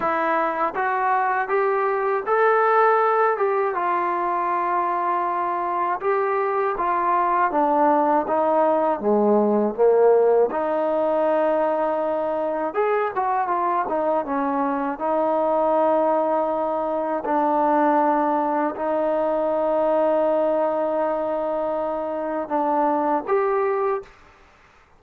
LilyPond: \new Staff \with { instrumentName = "trombone" } { \time 4/4 \tempo 4 = 80 e'4 fis'4 g'4 a'4~ | a'8 g'8 f'2. | g'4 f'4 d'4 dis'4 | gis4 ais4 dis'2~ |
dis'4 gis'8 fis'8 f'8 dis'8 cis'4 | dis'2. d'4~ | d'4 dis'2.~ | dis'2 d'4 g'4 | }